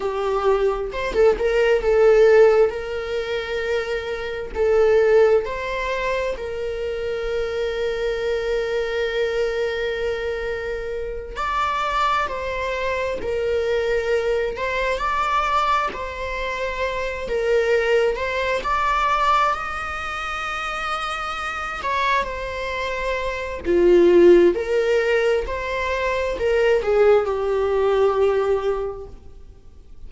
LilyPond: \new Staff \with { instrumentName = "viola" } { \time 4/4 \tempo 4 = 66 g'4 c''16 a'16 ais'8 a'4 ais'4~ | ais'4 a'4 c''4 ais'4~ | ais'1~ | ais'8 d''4 c''4 ais'4. |
c''8 d''4 c''4. ais'4 | c''8 d''4 dis''2~ dis''8 | cis''8 c''4. f'4 ais'4 | c''4 ais'8 gis'8 g'2 | }